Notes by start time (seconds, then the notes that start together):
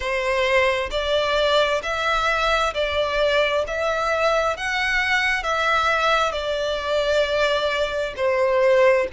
0.00 C5
0.90 D5
1.82 E5
2.74 D5
3.67 E5
4.57 F#5
5.43 E5
6.32 D5
8.16 C5